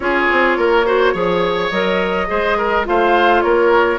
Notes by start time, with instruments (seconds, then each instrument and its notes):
0.00 bassoon C#4, clarinet F4, oboe G#4, flute C#5
0.31 bassoon C4
0.57 bassoon A#3, oboe A#4
0.85 clarinet F#4, oboe C5
1.13 bassoon F3, clarinet G#4, oboe C#5
1.70 bassoon F#3, clarinet A#4, flute D#5
2.27 bassoon G#3, clarinet G#4, oboe C5
2.57 oboe A#4
2.84 bassoon A3, clarinet F4, oboe C5, flute F5
3.41 bassoon A#3, oboe A#4, flute C#5